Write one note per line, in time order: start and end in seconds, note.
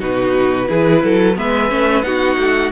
0.00 0.70 B2
0.00 0.67 D#4
0.00 0.68 F#4
0.00 1.38 B4
0.67 1.04 E3
0.67 1.35 E4
0.67 1.03 G#4
1.04 1.38 F#3
1.04 1.38 A4
1.36 1.72 G#3
1.36 1.70 B3
1.36 2.06 B4
1.36 2.03 E5
1.70 2.03 A3
1.70 2.03 C#4
2.03 2.37 B3
2.03 2.71 D#4
2.03 2.72 F#4
2.03 2.71 F#5
2.38 2.72 A3